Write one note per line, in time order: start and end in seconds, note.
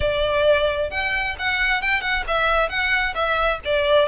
0.00 0.90 D5
0.90 1.35 G5
1.38 1.81 F#5
1.81 2.01 G5
2.01 2.23 F#5
2.27 2.69 E5
2.69 3.14 F#5
3.14 3.59 E5
3.64 4.08 D5